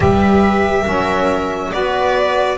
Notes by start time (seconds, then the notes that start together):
0.00 G3 G4 B4 E5
0.81 F#3 C#4 A#4
1.71 B3 F#4 B4 D5